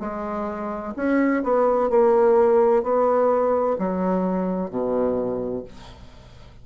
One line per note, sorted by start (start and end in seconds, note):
0.00 0.94 G#3
0.96 1.43 C#4
1.44 1.90 B3
1.90 2.83 A#3
2.83 3.77 B3
3.78 4.70 F#3
4.70 5.64 B2